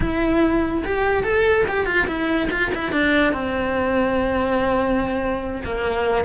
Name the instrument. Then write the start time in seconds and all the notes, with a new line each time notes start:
cello
0.00 E4
0.84 G4
1.23 A4
1.68 G4
1.86 F4
2.07 E4
2.50 F4
2.74 E4
2.92 D4
3.33 C4
5.65 A#3